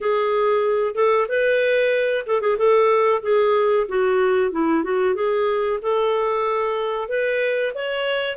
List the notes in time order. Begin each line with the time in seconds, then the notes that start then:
0.01 G#4
0.94 A4
1.28 B4
2.26 A4
2.41 G#4
2.57 A4
3.22 G#4
3.88 F#4
4.51 E4
4.83 F#4
5.14 G#4
5.82 A4
7.08 B4
7.74 C#5